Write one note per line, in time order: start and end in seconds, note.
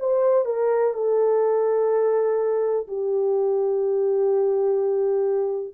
0.00 0.45 C5
0.45 0.94 A#4
0.94 2.87 A4
2.88 5.74 G4